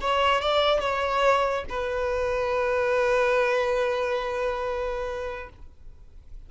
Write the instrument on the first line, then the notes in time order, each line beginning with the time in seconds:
violin
0.00 C#5
0.41 D5
0.80 C#5
1.69 B4